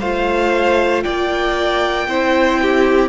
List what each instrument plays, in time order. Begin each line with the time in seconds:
0.00 cello A3, viola F4, violin C5 F5
1.03 cello A#3, violin D5 G5
2.08 cello C4, viola E4, violin C5
2.62 violin G4